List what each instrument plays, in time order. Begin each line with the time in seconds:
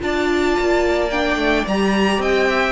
0.00 cello D4, viola F4, violin D5 A5
0.59 cello A#3
1.11 viola D4, violin G5
1.36 cello A3
1.67 cello G3, viola G4, violin A#5
2.18 cello C4, violin D#5 G5
2.50 violin E5